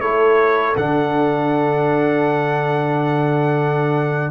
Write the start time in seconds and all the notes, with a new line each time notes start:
0.00 A3 E4 A4 C#5
0.76 D3 D4 F#5